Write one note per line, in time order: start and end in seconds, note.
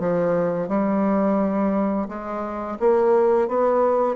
0.00 0.69 F3
0.69 2.08 G3
2.09 2.78 G#3
2.80 3.48 A#3
3.48 4.16 B3